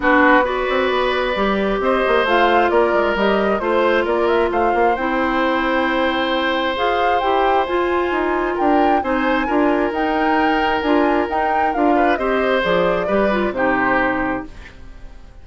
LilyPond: <<
  \new Staff \with { instrumentName = "flute" } { \time 4/4 \tempo 4 = 133 b'4 d''2. | dis''4 f''4 d''4 dis''4 | c''4 d''8 e''8 f''4 g''4~ | g''2. f''4 |
g''4 gis''2 g''4 | gis''2 g''2 | gis''4 g''4 f''4 dis''4 | d''2 c''2 | }
  \new Staff \with { instrumentName = "oboe" } { \time 4/4 fis'4 b'2. | c''2 ais'2 | c''4 ais'4 c''2~ | c''1~ |
c''2. ais'4 | c''4 ais'2.~ | ais'2~ ais'8 b'8 c''4~ | c''4 b'4 g'2 | }
  \new Staff \with { instrumentName = "clarinet" } { \time 4/4 d'4 fis'2 g'4~ | g'4 f'2 g'4 | f'2. e'4~ | e'2. gis'4 |
g'4 f'2. | dis'4 f'4 dis'2 | f'4 dis'4 f'4 g'4 | gis'4 g'8 f'8 dis'2 | }
  \new Staff \with { instrumentName = "bassoon" } { \time 4/4 b4. c'8 b4 g4 | c'8 ais8 a4 ais8 gis8 g4 | a4 ais4 a8 ais8 c'4~ | c'2. f'4 |
e'4 f'4 dis'4 d'4 | c'4 d'4 dis'2 | d'4 dis'4 d'4 c'4 | f4 g4 c2 | }
>>